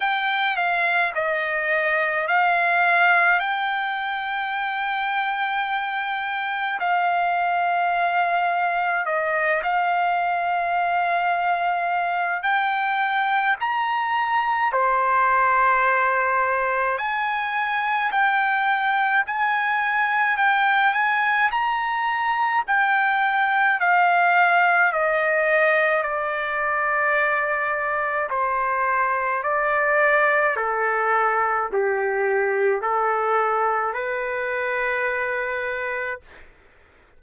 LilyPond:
\new Staff \with { instrumentName = "trumpet" } { \time 4/4 \tempo 4 = 53 g''8 f''8 dis''4 f''4 g''4~ | g''2 f''2 | dis''8 f''2~ f''8 g''4 | ais''4 c''2 gis''4 |
g''4 gis''4 g''8 gis''8 ais''4 | g''4 f''4 dis''4 d''4~ | d''4 c''4 d''4 a'4 | g'4 a'4 b'2 | }